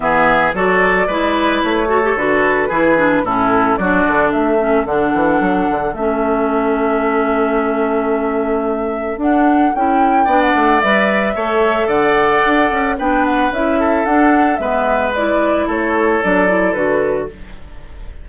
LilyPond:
<<
  \new Staff \with { instrumentName = "flute" } { \time 4/4 \tempo 4 = 111 e''4 d''2 cis''4 | b'2 a'4 d''4 | e''4 fis''2 e''4~ | e''1~ |
e''4 fis''4 g''4~ g''16 fis''8. | e''2 fis''2 | g''8 fis''8 e''4 fis''4 e''4 | d''4 cis''4 d''4 b'4 | }
  \new Staff \with { instrumentName = "oboe" } { \time 4/4 gis'4 a'4 b'4. a'8~ | a'4 gis'4 e'4 fis'4 | a'1~ | a'1~ |
a'2. d''4~ | d''4 cis''4 d''2 | b'4. a'4. b'4~ | b'4 a'2. | }
  \new Staff \with { instrumentName = "clarinet" } { \time 4/4 b4 fis'4 e'4. fis'16 g'16 | fis'4 e'8 d'8 cis'4 d'4~ | d'8 cis'8 d'2 cis'4~ | cis'1~ |
cis'4 d'4 e'4 d'4 | b'4 a'2. | d'4 e'4 d'4 b4 | e'2 d'8 e'8 fis'4 | }
  \new Staff \with { instrumentName = "bassoon" } { \time 4/4 e4 fis4 gis4 a4 | d4 e4 a,4 fis8 d8 | a4 d8 e8 fis8 d8 a4~ | a1~ |
a4 d'4 cis'4 b8 a8 | g4 a4 d4 d'8 cis'8 | b4 cis'4 d'4 gis4~ | gis4 a4 fis4 d4 | }
>>